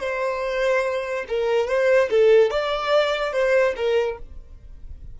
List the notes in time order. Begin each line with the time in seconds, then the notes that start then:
0.00 C5
1.28 A#4
1.68 C5
2.10 A4
2.51 D5
3.33 C5
3.77 A#4